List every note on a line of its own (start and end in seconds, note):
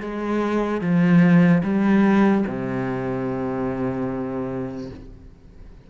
0.00 0.81 G#3
0.81 1.62 F3
1.63 2.44 G3
2.47 4.90 C3